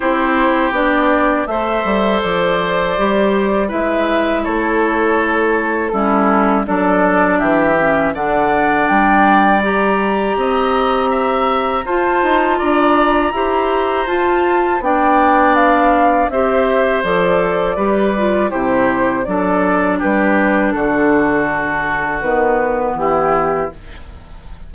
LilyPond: <<
  \new Staff \with { instrumentName = "flute" } { \time 4/4 \tempo 4 = 81 c''4 d''4 e''4 d''4~ | d''4 e''4 cis''2 | a'4 d''4 e''4 fis''4 | g''4 ais''2. |
a''4 ais''2 a''4 | g''4 f''4 e''4 d''4~ | d''4 c''4 d''4 b'4 | a'2 b'4 g'4 | }
  \new Staff \with { instrumentName = "oboe" } { \time 4/4 g'2 c''2~ | c''4 b'4 a'2 | e'4 a'4 g'4 d''4~ | d''2 dis''4 e''4 |
c''4 d''4 c''2 | d''2 c''2 | b'4 g'4 a'4 g'4 | fis'2. e'4 | }
  \new Staff \with { instrumentName = "clarinet" } { \time 4/4 e'4 d'4 a'2 | g'4 e'2. | cis'4 d'4. cis'8 d'4~ | d'4 g'2. |
f'2 g'4 f'4 | d'2 g'4 a'4 | g'8 f'8 e'4 d'2~ | d'2 b2 | }
  \new Staff \with { instrumentName = "bassoon" } { \time 4/4 c'4 b4 a8 g8 f4 | g4 gis4 a2 | g4 fis4 e4 d4 | g2 c'2 |
f'8 dis'8 d'4 e'4 f'4 | b2 c'4 f4 | g4 c4 fis4 g4 | d2 dis4 e4 | }
>>